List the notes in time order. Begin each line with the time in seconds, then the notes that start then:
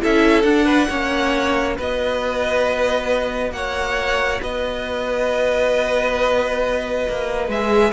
0.00 C#4 E4 A4 E5
0.42 D4 F#5
0.65 B4
0.89 A#3 C#4 C#5
1.76 B3 F#4 B4 D#5
3.51 A#3 C#5 F#5
4.42 B3 B4 D#5
7.08 A#3
7.48 G#3 G#4 E5